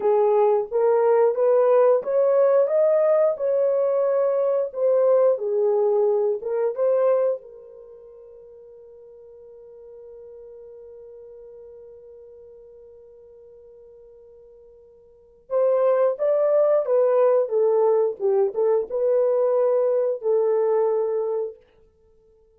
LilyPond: \new Staff \with { instrumentName = "horn" } { \time 4/4 \tempo 4 = 89 gis'4 ais'4 b'4 cis''4 | dis''4 cis''2 c''4 | gis'4. ais'8 c''4 ais'4~ | ais'1~ |
ais'1~ | ais'2. c''4 | d''4 b'4 a'4 g'8 a'8 | b'2 a'2 | }